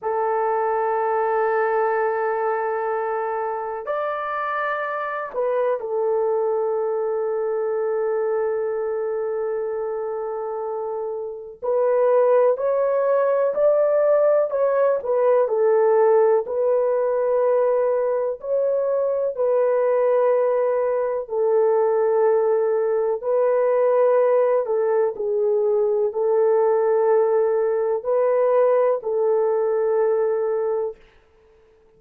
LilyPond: \new Staff \with { instrumentName = "horn" } { \time 4/4 \tempo 4 = 62 a'1 | d''4. b'8 a'2~ | a'1 | b'4 cis''4 d''4 cis''8 b'8 |
a'4 b'2 cis''4 | b'2 a'2 | b'4. a'8 gis'4 a'4~ | a'4 b'4 a'2 | }